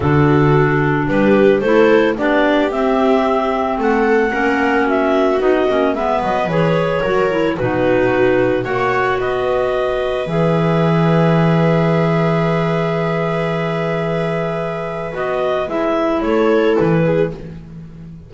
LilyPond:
<<
  \new Staff \with { instrumentName = "clarinet" } { \time 4/4 \tempo 4 = 111 a'2 b'4 c''4 | d''4 e''2 fis''4~ | fis''4 e''4 dis''4 e''8 dis''8 | cis''2 b'2 |
fis''4 dis''2 e''4~ | e''1~ | e''1 | dis''4 e''4 cis''4 b'4 | }
  \new Staff \with { instrumentName = "viola" } { \time 4/4 fis'2 g'4 a'4 | g'2. a'4 | ais'4 fis'2 b'4~ | b'4 ais'4 fis'2 |
cis''4 b'2.~ | b'1~ | b'1~ | b'2 a'4. gis'8 | }
  \new Staff \with { instrumentName = "clarinet" } { \time 4/4 d'2. e'4 | d'4 c'2. | cis'2 dis'8 cis'8 b4 | gis'4 fis'8 e'8 dis'2 |
fis'2. gis'4~ | gis'1~ | gis'1 | fis'4 e'2. | }
  \new Staff \with { instrumentName = "double bass" } { \time 4/4 d2 g4 a4 | b4 c'2 a4 | ais2 b8 ais8 gis8 fis8 | e4 fis4 b,2 |
ais4 b2 e4~ | e1~ | e1 | b4 gis4 a4 e4 | }
>>